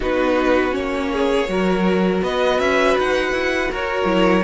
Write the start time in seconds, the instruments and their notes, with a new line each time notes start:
0.00 cello B3, viola D#4, violin F#4 B4
0.71 cello A#3, viola C#4, violin C#5
1.12 violin G#4
1.48 cello F#3, viola F#4, violin A#4
2.22 cello B3, violin B4 D#5
2.59 cello C#4, violin E5
2.98 cello D#4, violin F#5
3.32 cello E4
3.71 cello F#4, violin A#4 C#5
4.04 cello F#3, viola E4